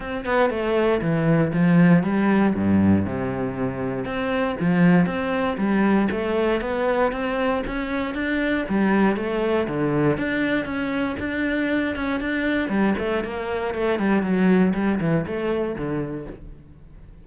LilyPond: \new Staff \with { instrumentName = "cello" } { \time 4/4 \tempo 4 = 118 c'8 b8 a4 e4 f4 | g4 g,4 c2 | c'4 f4 c'4 g4 | a4 b4 c'4 cis'4 |
d'4 g4 a4 d4 | d'4 cis'4 d'4. cis'8 | d'4 g8 a8 ais4 a8 g8 | fis4 g8 e8 a4 d4 | }